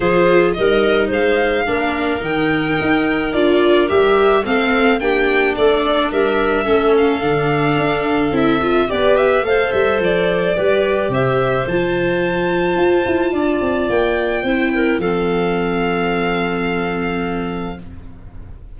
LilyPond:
<<
  \new Staff \with { instrumentName = "violin" } { \time 4/4 \tempo 4 = 108 c''4 dis''4 f''2 | g''2 d''4 e''4 | f''4 g''4 d''4 e''4~ | e''8 f''2~ f''8 e''4 |
d''8 e''8 f''8 e''8 d''2 | e''4 a''2.~ | a''4 g''2 f''4~ | f''1 | }
  \new Staff \with { instrumentName = "clarinet" } { \time 4/4 gis'4 ais'4 c''4 ais'4~ | ais'1 | a'4 g'4 a'4 ais'4 | a'1 |
b'4 c''2 b'4 | c''1 | d''2 c''8 ais'8 a'4~ | a'1 | }
  \new Staff \with { instrumentName = "viola" } { \time 4/4 f'4 dis'2 d'4 | dis'2 f'4 g'4 | c'4 d'2. | cis'4 d'2 e'8 f'8 |
g'4 a'2 g'4~ | g'4 f'2.~ | f'2 e'4 c'4~ | c'1 | }
  \new Staff \with { instrumentName = "tuba" } { \time 4/4 f4 g4 gis4 ais4 | dis4 dis'4 d'4 g4 | a4 ais4 a4 g4 | a4 d4 d'4 c'4 |
b4 a8 g8 f4 g4 | c4 f2 f'8 e'8 | d'8 c'8 ais4 c'4 f4~ | f1 | }
>>